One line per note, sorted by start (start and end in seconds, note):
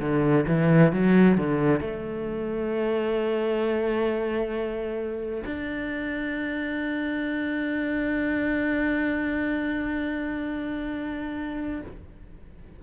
0.00 0.45 D3
0.48 0.93 E3
0.93 1.38 F#3
1.38 1.81 D3
1.81 5.45 A3
5.45 11.82 D4